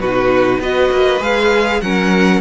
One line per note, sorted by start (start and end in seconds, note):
0.00 0.59 B2
0.00 0.62 D#4
0.00 0.60 F#4
0.00 0.61 B4
0.59 0.90 B3
0.59 1.20 F#4
0.59 1.81 B4
0.59 1.22 D#5
0.92 1.21 A#3
1.20 1.81 G#3
1.20 1.81 G#4
1.20 1.81 F5
1.81 2.41 F#3
1.81 2.41 C#4
1.81 2.41 A#4
1.81 2.41 F#5